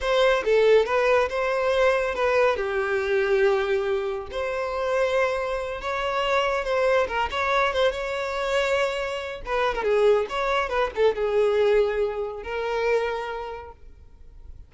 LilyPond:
\new Staff \with { instrumentName = "violin" } { \time 4/4 \tempo 4 = 140 c''4 a'4 b'4 c''4~ | c''4 b'4 g'2~ | g'2 c''2~ | c''4. cis''2 c''8~ |
c''8 ais'8 cis''4 c''8 cis''4.~ | cis''2 b'8. ais'16 gis'4 | cis''4 b'8 a'8 gis'2~ | gis'4 ais'2. | }